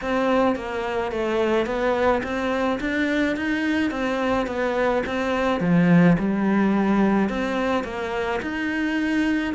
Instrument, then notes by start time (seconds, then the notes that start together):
cello
0.01 C4
0.55 A#3
1.11 A3
1.66 B3
2.23 C4
2.80 D4
3.36 D#4
3.90 C4
4.46 B3
5.06 C4
5.60 F3
6.19 G3
7.29 C4
7.84 A#3
8.41 D#4